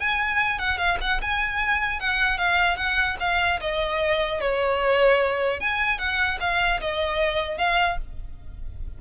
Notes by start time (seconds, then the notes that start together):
0.00 G#5
0.59 F#5
0.78 F5
1.01 F#5
1.22 G#5
2.00 F#5
2.38 F5
2.77 F#5
3.20 F5
3.61 D#5
4.41 C#5
5.61 G#5
5.99 F#5
6.40 F5
6.81 D#5
7.58 F5